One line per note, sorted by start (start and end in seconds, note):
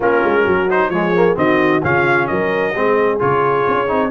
0.00 0.21 A#3
0.00 0.69 C#4
0.00 0.43 F4
0.00 0.70 A#4
0.24 0.46 G#3
0.44 0.89 F#3
0.44 0.90 F#4
0.70 0.93 D#4
0.70 0.90 C5
0.89 1.35 F3
0.89 1.15 G#3
0.89 1.38 G#4
0.89 1.35 C#5
1.15 1.35 A#3
1.35 1.82 D#3
1.35 1.81 C4
1.35 1.83 F#4
1.35 1.83 D#5
1.82 2.29 C#3
1.82 2.74 C#4
1.82 2.29 F4
1.82 2.27 F5
2.27 2.75 F#3
2.27 2.74 A#4
2.27 3.18 D#5
2.75 3.21 G#3
2.75 3.19 C4
2.75 4.10 G#4
3.19 3.67 C#3
3.19 3.87 F4
3.19 4.10 C#5
3.68 3.90 C#4
3.87 4.10 C4
3.87 4.10 D#4